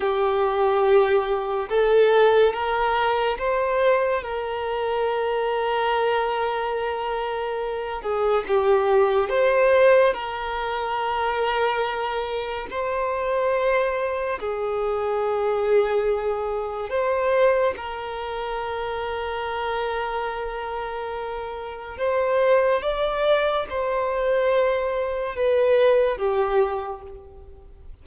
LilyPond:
\new Staff \with { instrumentName = "violin" } { \time 4/4 \tempo 4 = 71 g'2 a'4 ais'4 | c''4 ais'2.~ | ais'4. gis'8 g'4 c''4 | ais'2. c''4~ |
c''4 gis'2. | c''4 ais'2.~ | ais'2 c''4 d''4 | c''2 b'4 g'4 | }